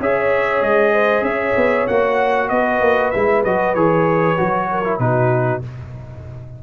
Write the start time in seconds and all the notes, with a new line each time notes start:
0.00 C#4 G#4 C#5 E5
0.62 G#3 D#5
0.93 C5
1.22 C#4 C#5 E5
1.56 B3
1.87 A#3 F#4 F#5
2.49 B3 B4 D#5
2.81 A#3
3.11 G#3 E4 E5
3.43 F#3 F#4 D#5
3.74 E3 G#4 C#5
4.37 F#3 F#4
4.71 A#4
4.84 E4
4.99 B2 D#4 F#4 B4